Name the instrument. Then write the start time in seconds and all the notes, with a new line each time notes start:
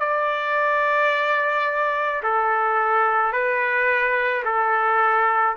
trumpet
0.00 D5
2.23 A4
3.32 B4
4.45 A4